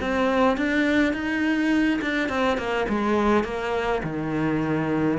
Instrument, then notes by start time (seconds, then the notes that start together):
cello
0.00 C4
0.57 D4
1.13 D#4
2.01 D4
2.29 C4
2.57 A#3
2.88 G#3
3.44 A#3
4.03 D#3